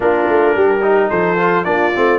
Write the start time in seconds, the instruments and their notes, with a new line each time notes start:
0.00 tuba A#3, trombone D4, horn F4, trumpet A#4
0.28 tuba A3
0.55 tuba G3, horn G4
0.82 trombone D#4
1.09 tuba F3, horn A4, trumpet C5
1.38 trombone F4
1.64 tuba A#3, trombone D4, horn F4, trumpet D5
1.95 tuba A3, trombone C4